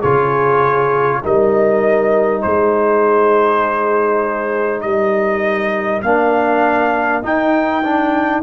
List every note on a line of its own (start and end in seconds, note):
0.00 1.24 C#3
0.00 1.23 F4
0.00 1.20 G#4
0.00 1.22 C#5
1.23 2.44 G3
1.23 6.03 D#4
1.23 2.44 A#4
1.23 2.42 D#5
2.42 4.83 G#3
2.42 4.84 G#4
2.42 4.81 C5
4.81 6.03 G3
4.81 8.43 A#4
4.81 6.01 D#5
6.02 7.23 A#3
6.02 7.23 D4
6.02 7.22 F5
7.23 7.83 D#4
7.23 8.43 D#4
7.23 8.43 G5
7.83 8.43 D4